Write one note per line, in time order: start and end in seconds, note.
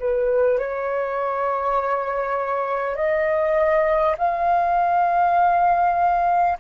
0.00 0.59 B4
0.59 2.96 C#5
2.96 4.16 D#5
4.18 6.58 F5